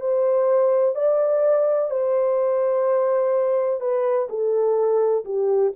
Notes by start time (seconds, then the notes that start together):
0.00 C5
0.95 D5
1.90 C5
3.80 B4
4.29 A4
5.25 G4